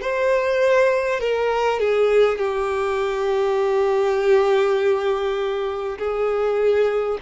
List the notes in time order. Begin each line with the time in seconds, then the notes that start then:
0.00 C5
1.20 A#4
1.79 G#4
2.37 G4
5.98 G#4